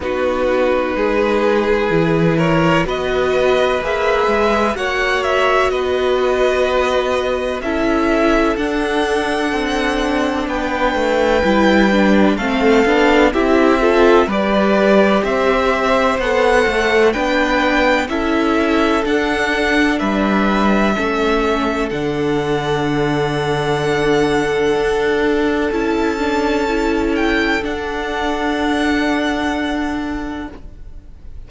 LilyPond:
<<
  \new Staff \with { instrumentName = "violin" } { \time 4/4 \tempo 4 = 63 b'2~ b'8 cis''8 dis''4 | e''4 fis''8 e''8 dis''2 | e''4 fis''2 g''4~ | g''4 f''4 e''4 d''4 |
e''4 fis''4 g''4 e''4 | fis''4 e''2 fis''4~ | fis''2. a''4~ | a''8 g''8 fis''2. | }
  \new Staff \with { instrumentName = "violin" } { \time 4/4 fis'4 gis'4. ais'8 b'4~ | b'4 cis''4 b'2 | a'2. b'4~ | b'4 a'4 g'8 a'8 b'4 |
c''2 b'4 a'4~ | a'4 b'4 a'2~ | a'1~ | a'1 | }
  \new Staff \with { instrumentName = "viola" } { \time 4/4 dis'2 e'4 fis'4 | gis'4 fis'2. | e'4 d'2. | e'8 d'8 c'8 d'8 e'8 f'8 g'4~ |
g'4 a'4 d'4 e'4 | d'2 cis'4 d'4~ | d'2. e'8 d'8 | e'4 d'2. | }
  \new Staff \with { instrumentName = "cello" } { \time 4/4 b4 gis4 e4 b4 | ais8 gis8 ais4 b2 | cis'4 d'4 c'4 b8 a8 | g4 a8 b8 c'4 g4 |
c'4 b8 a8 b4 cis'4 | d'4 g4 a4 d4~ | d2 d'4 cis'4~ | cis'4 d'2. | }
>>